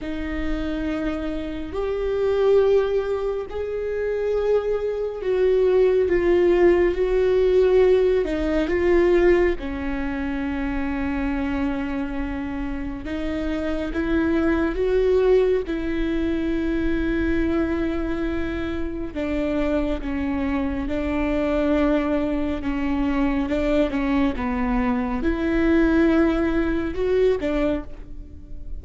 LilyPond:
\new Staff \with { instrumentName = "viola" } { \time 4/4 \tempo 4 = 69 dis'2 g'2 | gis'2 fis'4 f'4 | fis'4. dis'8 f'4 cis'4~ | cis'2. dis'4 |
e'4 fis'4 e'2~ | e'2 d'4 cis'4 | d'2 cis'4 d'8 cis'8 | b4 e'2 fis'8 d'8 | }